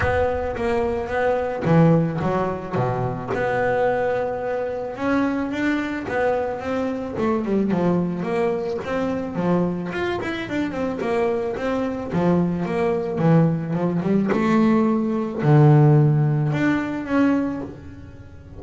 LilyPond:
\new Staff \with { instrumentName = "double bass" } { \time 4/4 \tempo 4 = 109 b4 ais4 b4 e4 | fis4 b,4 b2~ | b4 cis'4 d'4 b4 | c'4 a8 g8 f4 ais4 |
c'4 f4 f'8 e'8 d'8 c'8 | ais4 c'4 f4 ais4 | e4 f8 g8 a2 | d2 d'4 cis'4 | }